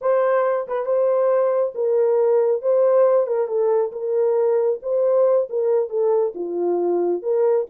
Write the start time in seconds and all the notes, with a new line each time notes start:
0.01 C5
0.67 B4
0.85 C5
1.74 A#4
2.62 C5
3.26 A#4
3.47 A4
3.91 A#4
4.82 C5
5.49 A#4
5.89 A4
6.35 F4
7.22 A#4